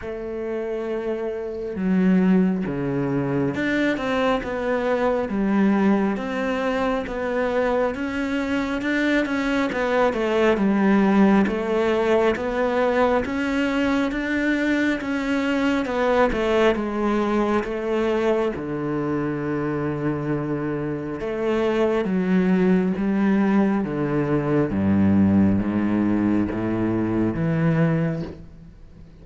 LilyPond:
\new Staff \with { instrumentName = "cello" } { \time 4/4 \tempo 4 = 68 a2 fis4 cis4 | d'8 c'8 b4 g4 c'4 | b4 cis'4 d'8 cis'8 b8 a8 | g4 a4 b4 cis'4 |
d'4 cis'4 b8 a8 gis4 | a4 d2. | a4 fis4 g4 d4 | g,4 gis,4 a,4 e4 | }